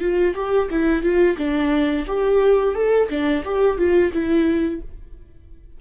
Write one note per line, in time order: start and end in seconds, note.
0.00 0.34 F4
0.35 0.69 G4
0.70 1.03 E4
1.03 1.37 F4
1.38 2.06 D4
2.07 2.75 G4
2.75 3.09 A4
3.09 3.43 D4
3.44 3.78 G4
3.78 4.12 F4
4.12 4.81 E4